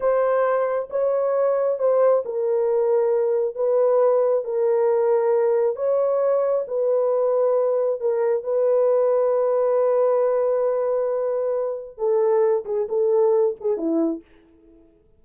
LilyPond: \new Staff \with { instrumentName = "horn" } { \time 4/4 \tempo 4 = 135 c''2 cis''2 | c''4 ais'2. | b'2 ais'2~ | ais'4 cis''2 b'4~ |
b'2 ais'4 b'4~ | b'1~ | b'2. a'4~ | a'8 gis'8 a'4. gis'8 e'4 | }